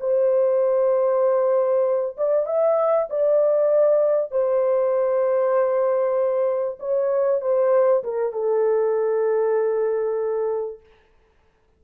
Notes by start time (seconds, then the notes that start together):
0.00 C5
2.17 D5
2.46 E5
3.10 D5
4.31 C5
6.80 C#5
7.41 C5
8.04 A#4
8.33 A4